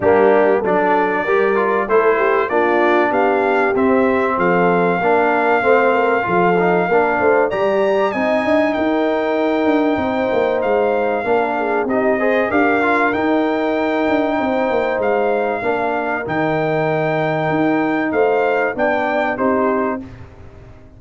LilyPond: <<
  \new Staff \with { instrumentName = "trumpet" } { \time 4/4 \tempo 4 = 96 g'4 d''2 c''4 | d''4 f''4 e''4 f''4~ | f''1 | ais''4 gis''4 g''2~ |
g''4 f''2 dis''4 | f''4 g''2. | f''2 g''2~ | g''4 f''4 g''4 c''4 | }
  \new Staff \with { instrumentName = "horn" } { \time 4/4 d'4 a'4 ais'4 a'8 g'8 | f'4 g'2 a'4 | ais'4 c''8 ais'8 a'4 ais'8 c''8 | d''4 dis''4 ais'2 |
c''2 ais'8 gis'8 g'8 c''8 | ais'2. c''4~ | c''4 ais'2.~ | ais'4 c''4 d''4 g'4 | }
  \new Staff \with { instrumentName = "trombone" } { \time 4/4 ais4 d'4 g'8 f'8 e'4 | d'2 c'2 | d'4 c'4 f'8 dis'8 d'4 | g'4 dis'2.~ |
dis'2 d'4 dis'8 gis'8 | g'8 f'8 dis'2.~ | dis'4 d'4 dis'2~ | dis'2 d'4 dis'4 | }
  \new Staff \with { instrumentName = "tuba" } { \time 4/4 g4 fis4 g4 a4 | ais4 b4 c'4 f4 | ais4 a4 f4 ais8 a8 | g4 c'8 d'8 dis'4. d'8 |
c'8 ais8 gis4 ais4 c'4 | d'4 dis'4. d'8 c'8 ais8 | gis4 ais4 dis2 | dis'4 a4 b4 c'4 | }
>>